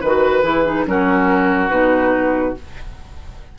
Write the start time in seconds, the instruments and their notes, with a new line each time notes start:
0.00 bassoon D#3, clarinet F#4, oboe B4, flute B4
0.42 bassoon E3, clarinet E4, flute G#4
0.65 clarinet D#4
0.86 bassoon F#3, clarinet C#4, oboe F#4, flute A#4
1.69 bassoon B2, clarinet D#4, flute B4